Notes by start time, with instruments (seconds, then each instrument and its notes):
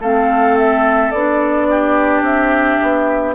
0.00 bassoon A3, clarinet C4, oboe A4, flute F5
0.58 flute E5
1.11 bassoon B3, clarinet D4, flute D5
1.70 oboe G4
2.21 bassoon C4, flute E5
2.82 bassoon B3